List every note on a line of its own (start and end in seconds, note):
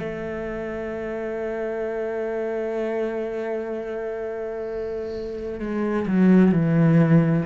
0.00 5.60 A3
5.60 6.07 G#3
6.08 6.52 F#3
6.52 7.46 E3